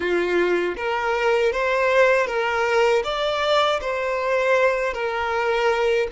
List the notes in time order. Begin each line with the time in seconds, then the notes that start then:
0.00 F4
0.77 A#4
1.52 C5
2.26 A#4
3.03 D5
3.80 C5
4.93 A#4